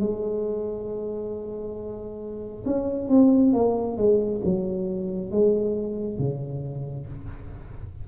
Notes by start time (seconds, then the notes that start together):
0.00 G#3
2.66 C#4
3.09 C4
3.53 A#3
3.97 G#3
4.45 F#3
5.31 G#3
6.19 C#3